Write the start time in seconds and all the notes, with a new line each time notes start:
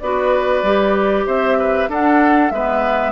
0.00 B3 F#4 B4 D5
0.63 G3 G4
1.27 C4 C5 E5
1.60 B4
1.89 D4 A4 F#5
2.51 G#3 B3 B4 E5